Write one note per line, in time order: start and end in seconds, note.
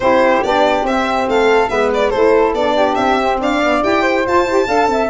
0.00 0.42 C4
0.00 0.44 E4
0.00 1.29 G4
0.00 0.43 C5
0.43 0.83 B3
0.43 0.86 D4
0.43 0.85 D5
0.83 1.26 C4
0.83 1.69 C4
0.83 1.28 E5
1.27 1.70 A3
1.27 1.70 A4
1.27 1.68 F5
1.68 2.12 G#3
1.68 2.11 B3
1.68 2.10 B4
1.68 1.90 E5
1.94 2.10 D5
2.10 2.53 A3
2.10 2.56 E4
2.10 2.74 A4
2.10 2.52 C5
2.53 2.96 B3
2.53 3.20 D4
2.53 2.95 D5
2.76 3.40 G4
2.95 3.39 C4
2.95 3.37 E5
3.20 3.62 C4
3.40 3.82 D4
3.40 4.02 D5
3.40 3.83 F5
3.62 3.82 B3
3.82 4.26 E4
3.82 4.25 G4
3.82 4.26 G5
4.02 4.65 C5
4.26 4.44 F4
4.26 4.48 F4
4.26 5.10 A5
4.44 4.66 E4
4.44 4.66 G4
4.66 4.87 D4
4.66 5.08 A4
4.66 4.87 F5
4.87 5.09 C4
4.87 5.10 E5